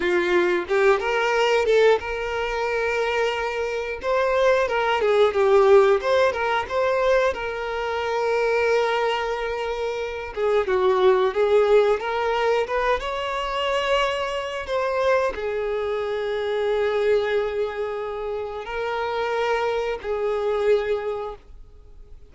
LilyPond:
\new Staff \with { instrumentName = "violin" } { \time 4/4 \tempo 4 = 90 f'4 g'8 ais'4 a'8 ais'4~ | ais'2 c''4 ais'8 gis'8 | g'4 c''8 ais'8 c''4 ais'4~ | ais'2.~ ais'8 gis'8 |
fis'4 gis'4 ais'4 b'8 cis''8~ | cis''2 c''4 gis'4~ | gis'1 | ais'2 gis'2 | }